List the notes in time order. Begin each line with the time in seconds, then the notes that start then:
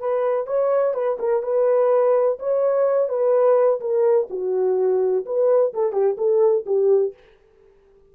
0.00 B4
0.47 C#5
0.94 B4
1.20 A#4
1.44 B4
2.40 C#5
3.09 B4
3.81 A#4
4.31 F#4
5.26 B4
5.74 A4
5.93 G4
6.18 A4
6.67 G4